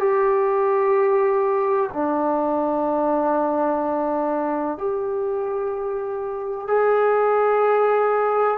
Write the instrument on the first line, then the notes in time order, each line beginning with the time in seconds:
trombone
0.00 G4
1.94 D4
4.78 G4
6.68 G#4